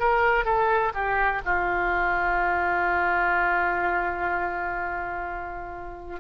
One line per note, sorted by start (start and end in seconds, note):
0.00 0.45 A#4
0.45 0.92 A4
0.94 1.42 G4
1.45 6.20 F4